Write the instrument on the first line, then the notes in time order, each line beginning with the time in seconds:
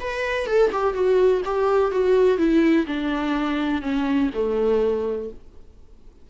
viola
0.00 B4
0.46 A4
0.72 G4
0.94 F#4
1.45 G4
1.91 F#4
2.38 E4
2.86 D4
3.82 C#4
4.34 A3